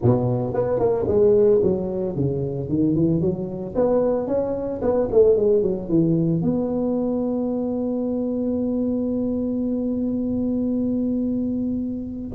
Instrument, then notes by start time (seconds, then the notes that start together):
tuba
0.02 B2
0.53 B3
0.79 A#3
1.07 G#3
1.62 F#3
2.15 C#3
2.69 D#3
2.95 E3
3.20 F#3
3.75 B3
4.27 C#4
4.81 B3
5.11 A3
5.36 G#3
5.62 F#3
5.88 E3
6.42 B3